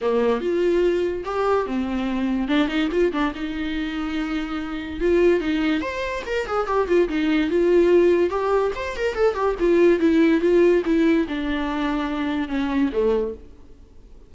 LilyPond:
\new Staff \with { instrumentName = "viola" } { \time 4/4 \tempo 4 = 144 ais4 f'2 g'4 | c'2 d'8 dis'8 f'8 d'8 | dis'1 | f'4 dis'4 c''4 ais'8 gis'8 |
g'8 f'8 dis'4 f'2 | g'4 c''8 ais'8 a'8 g'8 f'4 | e'4 f'4 e'4 d'4~ | d'2 cis'4 a4 | }